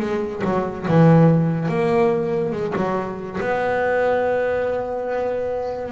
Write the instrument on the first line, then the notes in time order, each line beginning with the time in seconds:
double bass
0.00 G#3
0.45 F#3
0.88 E3
1.69 A#3
2.53 G#3
2.76 F#3
3.41 B3